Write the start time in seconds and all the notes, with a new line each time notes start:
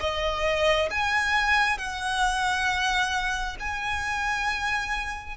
0.00 D#5
0.91 G#5
1.78 F#5
3.60 G#5